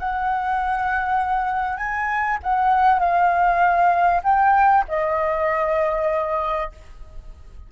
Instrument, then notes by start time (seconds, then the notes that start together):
flute
0.00 F#5
1.78 G#5
2.44 F#5
3.00 F5
4.24 G5
4.88 D#5